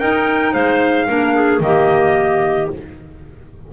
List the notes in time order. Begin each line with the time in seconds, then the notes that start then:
0.00 D#4 A#4 G5
0.53 G#3 C5 F5
1.08 A#3 D4 A#4
1.35 G#4
1.60 D#3 A#3 G4 D#5